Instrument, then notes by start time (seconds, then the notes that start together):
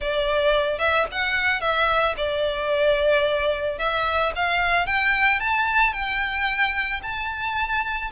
violin
0.00 D5
0.78 E5
1.11 F#5
1.60 E5
2.16 D5
3.78 E5
4.35 F5
4.86 G5
5.40 A5
5.92 G5
7.02 A5